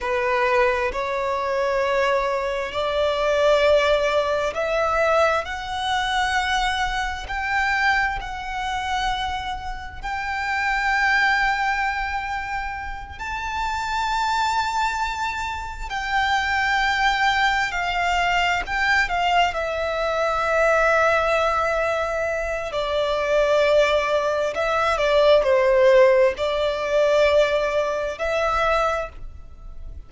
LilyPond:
\new Staff \with { instrumentName = "violin" } { \time 4/4 \tempo 4 = 66 b'4 cis''2 d''4~ | d''4 e''4 fis''2 | g''4 fis''2 g''4~ | g''2~ g''8 a''4.~ |
a''4. g''2 f''8~ | f''8 g''8 f''8 e''2~ e''8~ | e''4 d''2 e''8 d''8 | c''4 d''2 e''4 | }